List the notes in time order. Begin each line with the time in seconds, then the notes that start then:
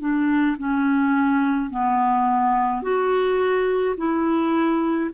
0.00 D4
0.57 C#4
1.70 B3
2.82 F#4
3.97 E4